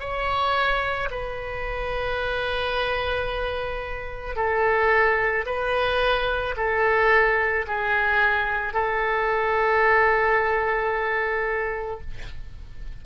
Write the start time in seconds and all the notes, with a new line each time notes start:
0.00 C#5
1.11 B4
4.36 A4
5.46 B4
6.57 A4
7.67 G#4
8.74 A4